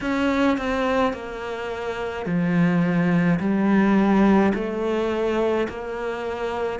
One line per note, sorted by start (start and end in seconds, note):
0.01 0.57 C#4
0.57 1.13 C4
1.13 2.26 A#3
2.26 3.39 F3
3.40 4.53 G3
4.54 5.67 A3
5.69 6.79 A#3